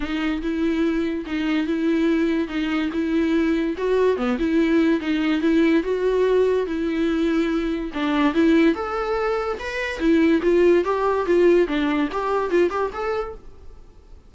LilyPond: \new Staff \with { instrumentName = "viola" } { \time 4/4 \tempo 4 = 144 dis'4 e'2 dis'4 | e'2 dis'4 e'4~ | e'4 fis'4 b8 e'4. | dis'4 e'4 fis'2 |
e'2. d'4 | e'4 a'2 b'4 | e'4 f'4 g'4 f'4 | d'4 g'4 f'8 g'8 a'4 | }